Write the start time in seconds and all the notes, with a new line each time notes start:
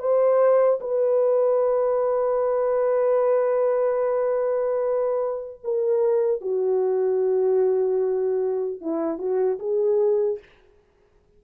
0.00 C5
0.81 B4
5.64 A#4
6.41 F#4
8.81 E4
9.19 F#4
9.59 G#4